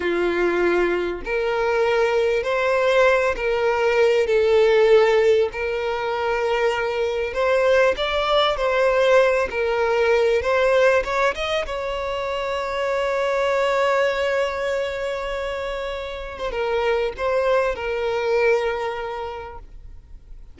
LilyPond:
\new Staff \with { instrumentName = "violin" } { \time 4/4 \tempo 4 = 98 f'2 ais'2 | c''4. ais'4. a'4~ | a'4 ais'2. | c''4 d''4 c''4. ais'8~ |
ais'4 c''4 cis''8 dis''8 cis''4~ | cis''1~ | cis''2~ cis''8. c''16 ais'4 | c''4 ais'2. | }